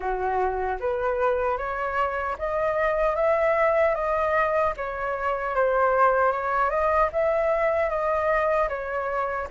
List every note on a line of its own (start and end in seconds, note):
0.00 0.78 F#4
0.80 1.57 B4
1.57 2.36 C#5
2.38 3.15 D#5
3.15 3.94 E5
3.94 4.73 D#5
4.76 5.55 C#5
5.55 6.32 C5
6.32 6.69 C#5
6.69 7.09 D#5
7.12 7.89 E5
7.89 8.68 D#5
8.68 9.47 C#5